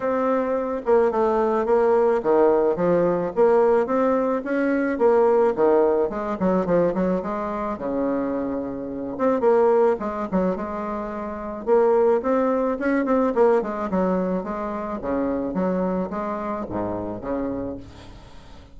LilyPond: \new Staff \with { instrumentName = "bassoon" } { \time 4/4 \tempo 4 = 108 c'4. ais8 a4 ais4 | dis4 f4 ais4 c'4 | cis'4 ais4 dis4 gis8 fis8 | f8 fis8 gis4 cis2~ |
cis8 c'8 ais4 gis8 fis8 gis4~ | gis4 ais4 c'4 cis'8 c'8 | ais8 gis8 fis4 gis4 cis4 | fis4 gis4 gis,4 cis4 | }